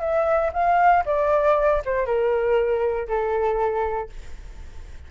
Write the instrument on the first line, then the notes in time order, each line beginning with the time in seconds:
flute
0.00 E5
0.53 F5
1.05 D5
1.85 C5
2.05 A#4
3.08 A4